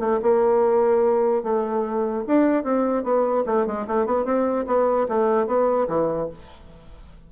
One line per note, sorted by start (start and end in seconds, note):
0.00 0.20 A3
0.22 1.43 A#3
1.43 2.24 A3
2.28 2.64 D4
2.64 3.04 C4
3.04 3.44 B3
3.46 3.67 A3
3.67 3.87 G#3
3.88 4.06 A3
4.06 4.25 B3
4.25 4.66 C4
4.67 5.08 B3
5.09 5.47 A3
5.47 5.88 B3
5.88 6.29 E3